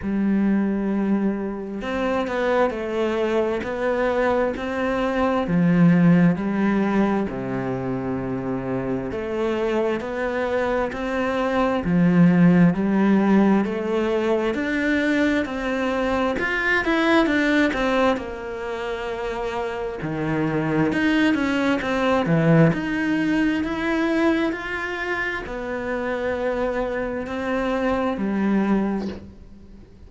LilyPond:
\new Staff \with { instrumentName = "cello" } { \time 4/4 \tempo 4 = 66 g2 c'8 b8 a4 | b4 c'4 f4 g4 | c2 a4 b4 | c'4 f4 g4 a4 |
d'4 c'4 f'8 e'8 d'8 c'8 | ais2 dis4 dis'8 cis'8 | c'8 e8 dis'4 e'4 f'4 | b2 c'4 g4 | }